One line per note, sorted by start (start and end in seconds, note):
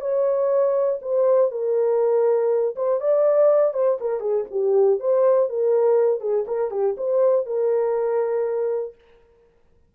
0.00 0.99 C#5
1.02 1.51 C5
1.51 2.75 A#4
2.75 3.00 C5
3.00 3.74 D5
3.74 3.98 C5
4.00 4.20 A#4
4.20 4.45 G#4
4.51 4.99 G4
4.99 5.49 C5
5.49 6.21 A#4
6.21 6.45 G#4
6.47 6.71 A#4
6.71 6.96 G4
6.97 7.46 C5
7.46 8.95 A#4